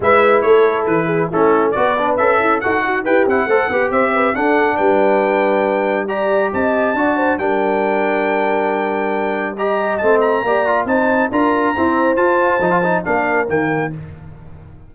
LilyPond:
<<
  \new Staff \with { instrumentName = "trumpet" } { \time 4/4 \tempo 4 = 138 e''4 cis''4 b'4 a'4 | d''4 e''4 fis''4 g''8 fis''8~ | fis''4 e''4 fis''4 g''4~ | g''2 ais''4 a''4~ |
a''4 g''2.~ | g''2 ais''4 a''8 ais''8~ | ais''4 a''4 ais''2 | a''2 f''4 g''4 | }
  \new Staff \with { instrumentName = "horn" } { \time 4/4 b'4 a'4. gis'8 e'4 | b'4. e'8 a'8 fis'8 g'4 | c''8 b'8 c''8 b'8 a'4 b'4~ | b'2 d''4 dis''4 |
d''8 c''8 ais'2.~ | ais'2 dis''2 | d''4 c''4 ais'4 c''4~ | c''2 ais'2 | }
  \new Staff \with { instrumentName = "trombone" } { \time 4/4 e'2. cis'4 | fis'8 d'8 a'4 fis'4 b'8 e'8 | a'8 g'4. d'2~ | d'2 g'2 |
fis'4 d'2.~ | d'2 g'4 c'4 | g'8 f'8 dis'4 f'4 c'4 | f'4 dis'16 f'16 dis'8 d'4 ais4 | }
  \new Staff \with { instrumentName = "tuba" } { \time 4/4 gis4 a4 e4 a4 | b4 cis'4 dis'4 e'8 c'8 | a8 b8 c'4 d'4 g4~ | g2. c'4 |
d'4 g2.~ | g2. a4 | ais4 c'4 d'4 e'4 | f'4 f4 ais4 dis4 | }
>>